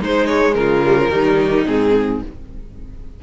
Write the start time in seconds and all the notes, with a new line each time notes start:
0.00 G#3 D#4 C5
0.26 C#5
0.53 C#3 F4 A#4
0.85 G3
0.97 F3
1.09 D#3 G3 D#4
1.66 G#2 C4 G#4